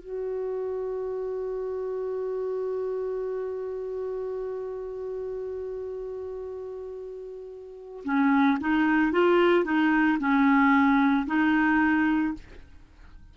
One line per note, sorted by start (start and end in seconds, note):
0.00 8.04 F#4
8.04 8.58 C#4
8.60 9.12 D#4
9.12 9.64 F4
9.64 10.18 D#4
10.19 11.26 C#4
11.26 12.34 D#4